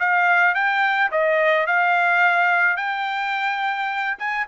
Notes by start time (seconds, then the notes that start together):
0.00 F5
0.55 G5
1.11 D#5
1.67 F5
2.77 G5
4.19 G#5